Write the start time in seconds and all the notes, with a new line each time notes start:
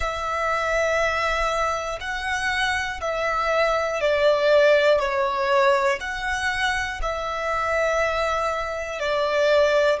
0.00 E5
2.00 F#5
3.00 E5
4.00 D5
4.99 C#5
6.00 F#5
7.02 E5
9.00 D5